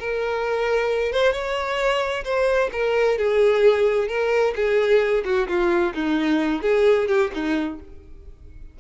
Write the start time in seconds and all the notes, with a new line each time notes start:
0.00 A#4
1.13 C5
1.33 C#5
2.25 C5
2.73 A#4
3.19 G#4
4.08 A#4
4.56 G#4
5.25 F#4
5.49 F4
5.95 D#4
6.62 G#4
7.08 G4
7.34 D#4